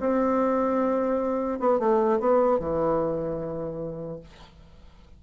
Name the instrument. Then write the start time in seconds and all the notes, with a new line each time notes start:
bassoon
0.00 C4
1.60 B3
1.80 A3
2.20 B3
2.59 E3